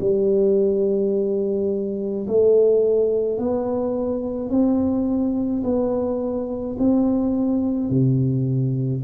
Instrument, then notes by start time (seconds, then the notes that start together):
tuba
0.00 G3
2.27 A3
3.38 B3
4.49 C4
5.63 B3
6.78 C4
7.89 C3